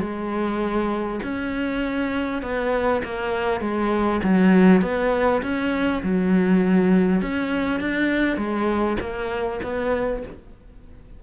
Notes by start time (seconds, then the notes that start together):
0.00 G#3
1.23 C#4
2.42 B3
3.04 A#3
3.61 G#3
4.24 F#3
4.82 B3
5.42 C#4
6.03 F#3
7.22 C#4
7.80 D4
8.37 G#3
9.00 A#3
9.63 B3